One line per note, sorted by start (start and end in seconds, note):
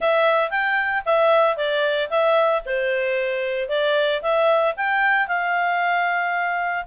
0.00 0.50 E5
0.50 1.03 G5
1.05 1.56 E5
1.56 2.09 D5
2.09 2.62 E5
2.65 3.68 C5
3.68 4.21 D5
4.22 4.74 E5
4.76 5.27 G5
5.27 6.85 F5